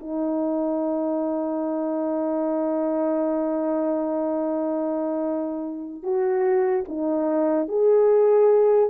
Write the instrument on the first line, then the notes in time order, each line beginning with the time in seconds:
horn
0.00 D#4
6.03 F#4
6.88 D#4
7.68 G#4